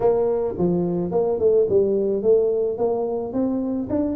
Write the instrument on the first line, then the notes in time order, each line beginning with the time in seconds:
tuba
0.00 A#3
0.57 F3
1.11 A#3
1.39 A3
1.69 G3
2.22 A3
2.77 A#3
3.32 C4
3.89 D4